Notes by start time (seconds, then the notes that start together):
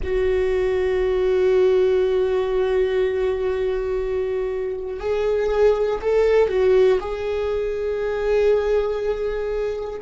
0.03 F#4
5.00 G#4
6.01 A4
6.49 F#4
7.00 G#4